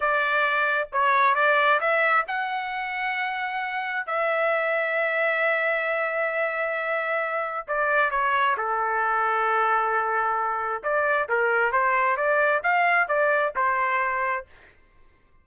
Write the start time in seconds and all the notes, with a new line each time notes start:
0.00 D5
0.92 C#5
1.35 D5
1.80 E5
2.27 F#5
4.06 E5
7.67 D5
8.11 C#5
8.57 A4
10.83 D5
11.28 A#4
11.72 C5
12.16 D5
12.63 F5
13.07 D5
13.55 C5